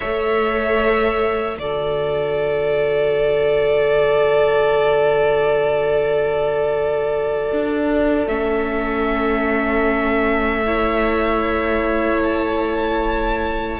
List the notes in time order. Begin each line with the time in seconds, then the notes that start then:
0.00 A3 A4 C#5 E5
1.58 D3 F#4 A4 D5
7.52 D4
8.26 A3 C#4 E5
10.66 E4 C#5
12.23 A5